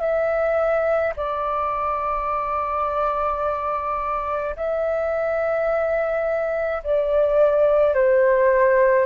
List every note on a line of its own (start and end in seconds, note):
0.00 1.13 E5
1.16 4.56 D5
4.56 6.83 E5
6.83 7.95 D5
7.95 9.06 C5